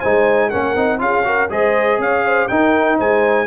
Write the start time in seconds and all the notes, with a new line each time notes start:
0.00 G#3 D#4 C5 G#5
0.50 A#3 C#4 A#4 F#5
0.76 C4 D#4
0.99 C#4 F4 G#4 F5
1.24 F#4 A#4
1.50 G#3 G#4 C5 D#5
1.99 C#4 C#5 F5
2.26 C5
2.48 D#4 A#4 G5
2.98 G#3 C5 G#5